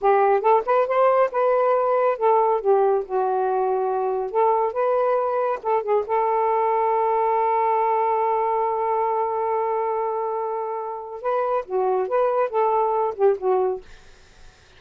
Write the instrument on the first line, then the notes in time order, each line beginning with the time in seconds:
saxophone
0.01 G4
0.40 A4
0.65 B4
0.87 C5
1.31 B4
2.17 A4
2.61 G4
3.05 F#4
4.30 A4
4.72 B4
5.63 A4
5.82 G#4
6.06 A4
11.21 B4
11.65 F#4
12.08 B4
12.49 A4
13.15 G4
13.38 F#4